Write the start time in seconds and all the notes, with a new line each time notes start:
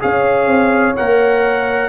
0.00 C#4 G#4 C#5 F5
0.47 C4
0.96 A#3 A#4 F#5